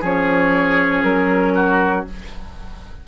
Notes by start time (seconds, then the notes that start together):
0.00 F3 C#4 G#4 C#5
1.03 F#3 A#4
1.55 F#4